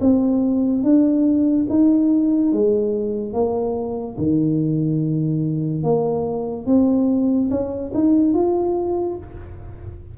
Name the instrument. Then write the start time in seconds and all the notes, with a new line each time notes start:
tuba
0.00 C4
0.83 D4
1.69 D#4
2.52 G#3
3.33 A#3
4.17 D#3
5.83 A#3
6.66 C4
7.50 C#4
7.94 D#4
8.33 F4